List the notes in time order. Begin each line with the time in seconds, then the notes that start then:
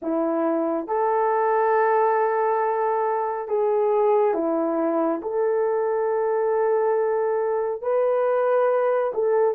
0.02 E4
0.87 A4
3.48 G#4
4.34 E4
5.22 A4
7.82 B4
9.14 A4